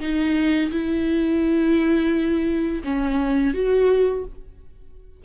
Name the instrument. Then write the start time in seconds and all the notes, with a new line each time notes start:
viola
0.00 D#4
0.71 E4
2.84 C#4
3.54 F#4